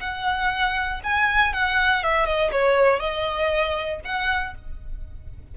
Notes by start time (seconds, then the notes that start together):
0.00 F#5
1.04 G#5
1.53 F#5
2.03 E5
2.26 D#5
2.52 C#5
2.99 D#5
4.05 F#5